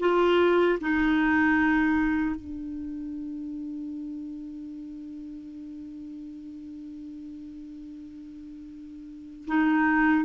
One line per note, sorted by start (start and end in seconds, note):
0.00 0.79 F4
0.81 2.36 D#4
2.36 9.46 D4
9.47 10.25 D#4